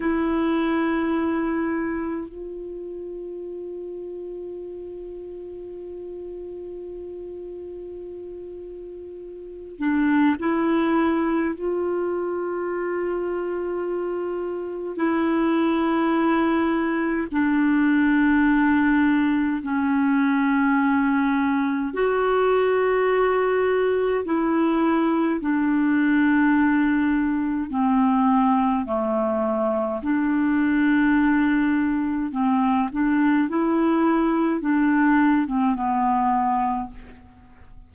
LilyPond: \new Staff \with { instrumentName = "clarinet" } { \time 4/4 \tempo 4 = 52 e'2 f'2~ | f'1~ | f'8 d'8 e'4 f'2~ | f'4 e'2 d'4~ |
d'4 cis'2 fis'4~ | fis'4 e'4 d'2 | c'4 a4 d'2 | c'8 d'8 e'4 d'8. c'16 b4 | }